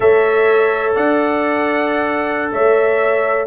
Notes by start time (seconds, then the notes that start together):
0.00 A3 A4 C#5 E5
0.95 D4 D5 F#5
2.52 A3 C#5 E5